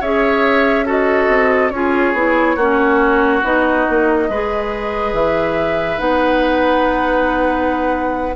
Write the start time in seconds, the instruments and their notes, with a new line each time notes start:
0.00 bassoon C#4, clarinet G#4, oboe C#5, flute E5
0.85 clarinet F#4, oboe A4, flute D#5
1.28 bassoon C4
1.69 bassoon C#4, clarinet F4, oboe G#4, flute C#5
2.13 bassoon B3, clarinet E4
2.56 bassoon A#3, clarinet C#4, oboe F#4
3.43 bassoon B3, clarinet D#4, flute D#5
3.89 bassoon A#3
4.29 bassoon G#3, clarinet G#4, oboe B4
5.12 bassoon E3, flute E5
5.97 bassoon B3, clarinet D#4, flute F#5